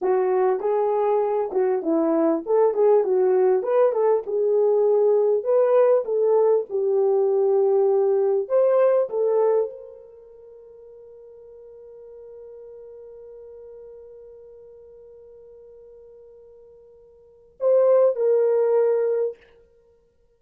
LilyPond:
\new Staff \with { instrumentName = "horn" } { \time 4/4 \tempo 4 = 99 fis'4 gis'4. fis'8 e'4 | a'8 gis'8 fis'4 b'8 a'8 gis'4~ | gis'4 b'4 a'4 g'4~ | g'2 c''4 a'4 |
ais'1~ | ais'1~ | ais'1~ | ais'4 c''4 ais'2 | }